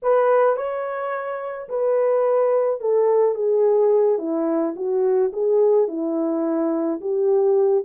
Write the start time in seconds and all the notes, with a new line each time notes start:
0.02 B4
0.56 C#5
1.68 B4
2.80 A4
3.34 G#4
4.18 E4
4.76 F#4
5.33 G#4
5.88 E4
7.00 G4